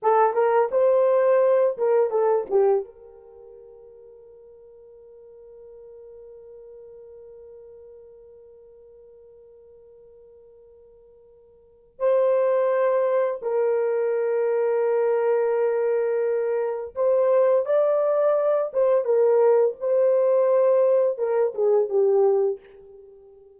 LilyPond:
\new Staff \with { instrumentName = "horn" } { \time 4/4 \tempo 4 = 85 a'8 ais'8 c''4. ais'8 a'8 g'8 | ais'1~ | ais'1~ | ais'1~ |
ais'4 c''2 ais'4~ | ais'1 | c''4 d''4. c''8 ais'4 | c''2 ais'8 gis'8 g'4 | }